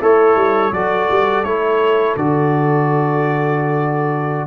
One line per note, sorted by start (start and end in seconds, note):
0.00 0.36 A3
0.00 0.71 E4
0.00 0.73 A4
0.00 0.73 C#5
0.36 0.72 G3
0.72 1.08 F#3
0.72 1.45 F#4
0.72 4.47 A4
0.72 1.44 D5
1.10 1.44 G3
1.44 2.15 A3
1.44 2.18 E4
1.44 2.15 C#5
2.16 4.47 D3
2.16 4.47 F#4
2.16 4.47 D5